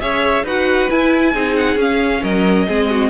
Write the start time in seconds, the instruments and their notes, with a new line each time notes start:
0.00 cello C#4, viola G#4, violin C#5 E5
0.43 cello D#4, viola F#4, violin B4 F#5
0.89 viola E4, cello E4, violin G#5
1.33 cello C4, viola D#4, violin G#4
1.55 violin F#5
1.76 cello C#4, viola C#4, violin F5
2.22 cello F#3, violin A#4 D#5
2.68 cello G#3, viola C4, violin G#4
2.90 violin F#4